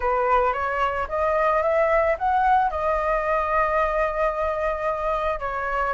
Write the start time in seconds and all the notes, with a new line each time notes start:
0.00 B4
0.53 C#5
1.08 D#5
1.62 E5
2.18 F#5
2.70 D#5
5.39 C#5